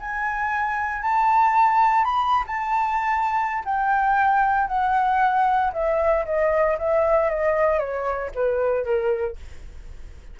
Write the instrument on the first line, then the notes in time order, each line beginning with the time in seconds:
flute
0.00 G#5
1.02 A5
2.04 B5
2.47 A5
3.65 G5
4.67 F#5
5.73 E5
6.25 D#5
6.78 E5
7.29 D#5
7.79 C#5
8.35 B4
8.84 A#4